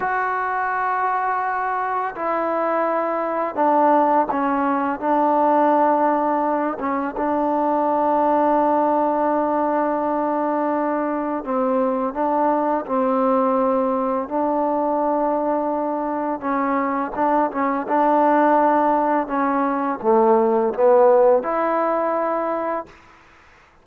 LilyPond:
\new Staff \with { instrumentName = "trombone" } { \time 4/4 \tempo 4 = 84 fis'2. e'4~ | e'4 d'4 cis'4 d'4~ | d'4. cis'8 d'2~ | d'1 |
c'4 d'4 c'2 | d'2. cis'4 | d'8 cis'8 d'2 cis'4 | a4 b4 e'2 | }